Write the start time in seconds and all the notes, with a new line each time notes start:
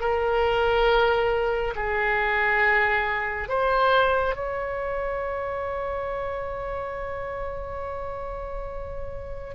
0.00 A#4
1.75 G#4
3.48 C5
4.35 C#5